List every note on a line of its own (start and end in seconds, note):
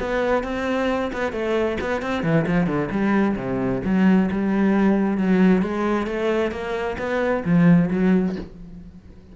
0.00 0.44 B3
0.44 1.11 C4
1.13 1.32 B3
1.32 1.77 A3
1.81 2.02 B3
2.02 2.23 C4
2.23 2.46 E3
2.47 2.67 F3
2.67 2.89 D3
2.91 3.36 G3
3.36 3.81 C3
3.85 4.30 F#3
4.32 5.17 G3
5.17 5.62 F#3
5.62 6.07 G#3
6.07 6.52 A3
6.52 6.97 A#3
6.98 7.44 B3
7.45 7.90 F3
7.91 8.36 F#3